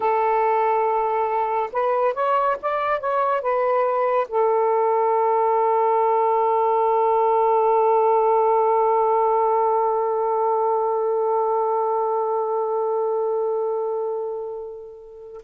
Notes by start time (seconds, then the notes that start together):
0.00 A4
1.72 B4
2.14 C#5
2.61 D5
3.00 C#5
3.41 B4
4.28 A4